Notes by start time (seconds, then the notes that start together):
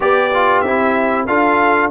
0.00 B3 G4 D5
0.34 F4
0.60 C4 E4 E5
1.26 D4 F4 A4 F5